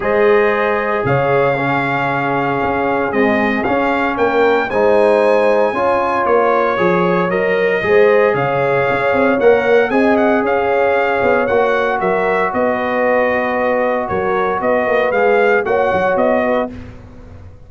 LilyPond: <<
  \new Staff \with { instrumentName = "trumpet" } { \time 4/4 \tempo 4 = 115 dis''2 f''2~ | f''2 dis''4 f''4 | g''4 gis''2. | cis''2 dis''2 |
f''2 fis''4 gis''8 fis''8 | f''2 fis''4 e''4 | dis''2. cis''4 | dis''4 f''4 fis''4 dis''4 | }
  \new Staff \with { instrumentName = "horn" } { \time 4/4 c''2 cis''4 gis'4~ | gis'1 | ais'4 c''2 cis''4~ | cis''2. c''4 |
cis''2. dis''4 | cis''2. ais'4 | b'2. ais'4 | b'2 cis''4. b'8 | }
  \new Staff \with { instrumentName = "trombone" } { \time 4/4 gis'2. cis'4~ | cis'2 gis4 cis'4~ | cis'4 dis'2 f'4~ | f'4 gis'4 ais'4 gis'4~ |
gis'2 ais'4 gis'4~ | gis'2 fis'2~ | fis'1~ | fis'4 gis'4 fis'2 | }
  \new Staff \with { instrumentName = "tuba" } { \time 4/4 gis2 cis2~ | cis4 cis'4 c'4 cis'4 | ais4 gis2 cis'4 | ais4 f4 fis4 gis4 |
cis4 cis'8 c'8 ais4 c'4 | cis'4. b8 ais4 fis4 | b2. fis4 | b8 ais8 gis4 ais8 fis8 b4 | }
>>